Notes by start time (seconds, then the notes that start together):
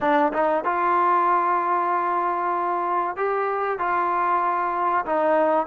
0.01 D4
0.32 D#4
0.64 F4
3.16 G4
3.78 F4
5.05 D#4